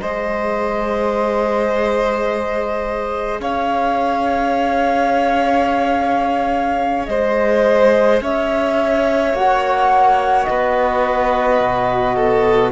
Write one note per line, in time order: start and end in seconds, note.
0.00 3.40 G#3
0.00 9.34 G#4
0.00 3.41 C5
0.00 3.40 D#5
3.40 7.08 C#4
3.40 7.09 C#5
3.40 7.06 F5
7.06 8.21 G#3
7.06 8.22 C5
7.06 8.19 D#5
8.21 9.33 C#4
8.21 10.49 C#5
8.21 9.35 E5
9.33 10.47 A#3
9.33 12.72 F#4
9.33 10.44 F#5
10.44 11.60 B3
10.44 12.15 B4
10.44 12.71 D#5
11.60 12.72 B2
12.15 12.72 A4